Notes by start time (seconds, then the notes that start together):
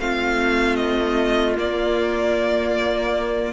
0.00 A3 C4 F4 F5
0.76 D#5
1.56 A#3 D5